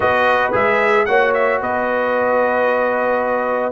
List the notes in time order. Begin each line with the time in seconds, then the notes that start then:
0.00 B3 F#4 B4 D#5
0.52 G#3 G#4 E5
1.05 A#3 F#4 C#5 F#5
1.33 E5
1.60 B3 B4 D#5